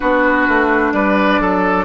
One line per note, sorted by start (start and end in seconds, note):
0.00 0.48 B3
0.00 1.85 D4
0.00 0.93 F#4
0.00 0.92 B4
0.48 0.93 A3
0.92 1.39 G3
0.92 1.40 B4
0.92 1.85 D5
1.40 1.85 F#3
1.40 1.85 A4